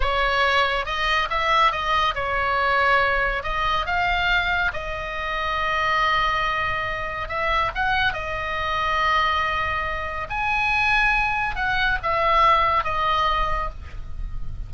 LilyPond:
\new Staff \with { instrumentName = "oboe" } { \time 4/4 \tempo 4 = 140 cis''2 dis''4 e''4 | dis''4 cis''2. | dis''4 f''2 dis''4~ | dis''1~ |
dis''4 e''4 fis''4 dis''4~ | dis''1 | gis''2. fis''4 | e''2 dis''2 | }